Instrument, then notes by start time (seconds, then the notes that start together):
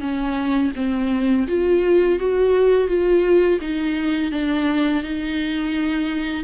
viola
0.00 C#4
0.75 C4
1.47 F4
2.19 F#4
2.87 F4
3.61 D#4
4.31 D4
5.03 D#4